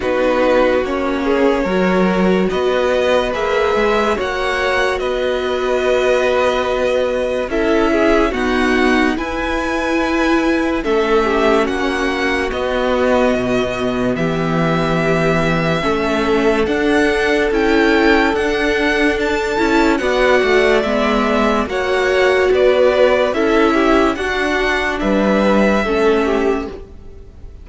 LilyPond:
<<
  \new Staff \with { instrumentName = "violin" } { \time 4/4 \tempo 4 = 72 b'4 cis''2 dis''4 | e''4 fis''4 dis''2~ | dis''4 e''4 fis''4 gis''4~ | gis''4 e''4 fis''4 dis''4~ |
dis''4 e''2. | fis''4 g''4 fis''4 a''4 | fis''4 e''4 fis''4 d''4 | e''4 fis''4 e''2 | }
  \new Staff \with { instrumentName = "violin" } { \time 4/4 fis'4. gis'8 ais'4 b'4~ | b'4 cis''4 b'2~ | b'4 a'8 gis'8 fis'4 b'4~ | b'4 a'8 g'8 fis'2~ |
fis'4 g'2 a'4~ | a'1 | d''2 cis''4 b'4 | a'8 g'8 fis'4 b'4 a'8 g'8 | }
  \new Staff \with { instrumentName = "viola" } { \time 4/4 dis'4 cis'4 fis'2 | gis'4 fis'2.~ | fis'4 e'4 b4 e'4~ | e'4 cis'2 b4~ |
b2. cis'4 | d'4 e'4 d'4. e'8 | fis'4 b4 fis'2 | e'4 d'2 cis'4 | }
  \new Staff \with { instrumentName = "cello" } { \time 4/4 b4 ais4 fis4 b4 | ais8 gis8 ais4 b2~ | b4 cis'4 dis'4 e'4~ | e'4 a4 ais4 b4 |
b,4 e2 a4 | d'4 cis'4 d'4. cis'8 | b8 a8 gis4 ais4 b4 | cis'4 d'4 g4 a4 | }
>>